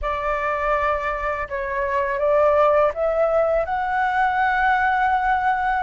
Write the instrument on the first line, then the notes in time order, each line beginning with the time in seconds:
flute
0.01 D5
1.48 C#5
2.19 D5
2.93 E5
3.65 F#5